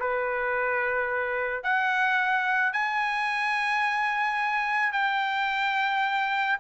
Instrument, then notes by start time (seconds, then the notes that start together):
trumpet
0.00 B4
1.63 F#5
2.73 G#5
4.92 G5